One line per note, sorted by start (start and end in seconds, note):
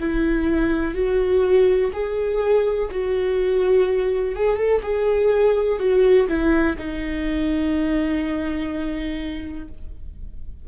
0.00 0.95 E4
0.95 1.91 F#4
1.93 2.90 G#4
2.91 4.35 F#4
4.35 4.57 G#4
4.57 4.81 A4
4.83 5.79 G#4
5.79 6.28 F#4
6.28 6.77 E4
6.78 9.68 D#4